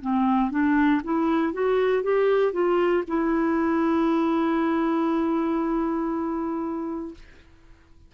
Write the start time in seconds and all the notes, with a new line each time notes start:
0.00 C4
0.50 D4
1.04 E4
1.53 F#4
2.03 G4
2.52 F4
3.07 E4